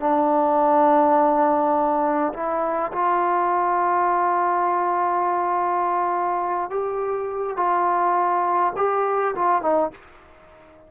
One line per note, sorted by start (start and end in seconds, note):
0.00 2.33 D4
2.33 2.92 E4
2.92 6.70 F4
6.70 7.57 G4
7.57 8.74 F4
8.76 9.35 G4
9.35 9.62 F4
9.62 9.91 D#4